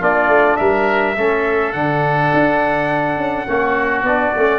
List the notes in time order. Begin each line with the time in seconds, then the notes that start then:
0.00 A#3 D4 F4 D5
0.28 A3
0.57 G3 A#4 E5
1.17 A3 C#4 A4
1.72 D3 D4 F#5
2.34 D4
3.17 C#4
3.47 A#3 C#4 F#4
4.03 B3 D4 D5
4.36 A3 C#4